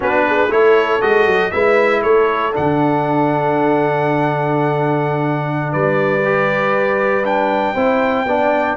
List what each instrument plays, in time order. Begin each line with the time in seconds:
0.00 tuba B3, trombone D4, horn F#4, trumpet B4
0.27 horn G#4
0.49 tuba A3, trombone E4, horn A4, trumpet C#5
1.01 tuba G#3, trombone F#4, trumpet D#5
1.26 tuba F#3
1.51 tuba G#3, trombone E4, horn B4, trumpet E5
2.02 tuba A3, horn A4, trumpet C#5
2.52 tuba D3, trombone D4, trumpet F#5
5.71 tuba G3, horn B4, trumpet D5
6.24 trombone G4
7.24 trombone D4, trumpet G5
7.74 tuba C4, trombone E4, horn C5
8.25 tuba B3, trombone D4, horn D5